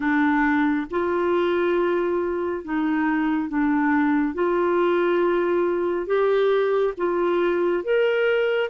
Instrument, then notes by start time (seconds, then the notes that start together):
clarinet
0.00 D4
0.90 F4
2.64 D#4
3.49 D4
4.34 F4
6.06 G4
6.97 F4
7.83 A#4